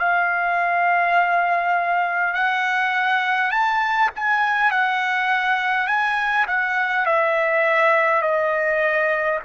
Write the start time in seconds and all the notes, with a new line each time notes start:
0.00 F5
2.34 F#5
3.51 A5
4.16 G#5
4.72 F#5
5.87 G#5
6.48 F#5
7.06 E5
8.22 D#5